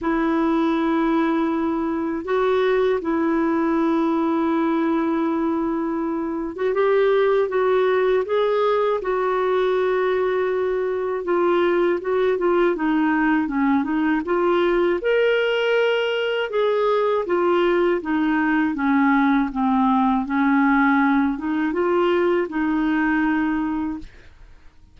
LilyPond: \new Staff \with { instrumentName = "clarinet" } { \time 4/4 \tempo 4 = 80 e'2. fis'4 | e'1~ | e'8. fis'16 g'4 fis'4 gis'4 | fis'2. f'4 |
fis'8 f'8 dis'4 cis'8 dis'8 f'4 | ais'2 gis'4 f'4 | dis'4 cis'4 c'4 cis'4~ | cis'8 dis'8 f'4 dis'2 | }